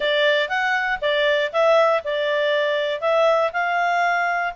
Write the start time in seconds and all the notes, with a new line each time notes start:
0.00 D5
0.48 F#5
1.01 D5
1.52 E5
2.04 D5
3.00 E5
3.52 F5